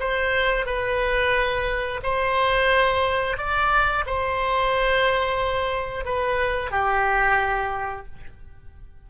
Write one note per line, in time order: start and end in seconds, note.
0.00 0.66 C5
0.66 2.00 B4
2.03 3.37 C5
3.37 4.04 D5
4.06 6.05 C5
6.05 6.71 B4
6.71 8.06 G4